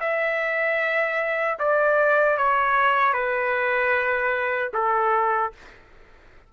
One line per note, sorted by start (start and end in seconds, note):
0.00 1.58 E5
1.59 2.37 D5
2.37 3.13 C#5
3.13 4.71 B4
4.73 5.52 A4